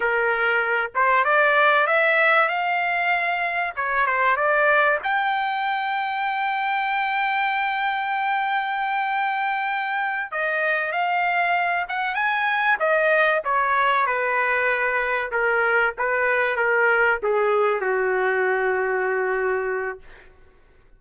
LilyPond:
\new Staff \with { instrumentName = "trumpet" } { \time 4/4 \tempo 4 = 96 ais'4. c''8 d''4 e''4 | f''2 cis''8 c''8 d''4 | g''1~ | g''1~ |
g''8 dis''4 f''4. fis''8 gis''8~ | gis''8 dis''4 cis''4 b'4.~ | b'8 ais'4 b'4 ais'4 gis'8~ | gis'8 fis'2.~ fis'8 | }